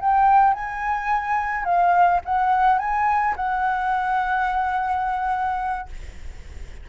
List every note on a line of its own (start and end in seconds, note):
0.00 0.53 G5
0.53 1.64 G#5
1.64 2.20 F5
2.25 2.79 F#5
2.79 3.35 G#5
3.36 5.88 F#5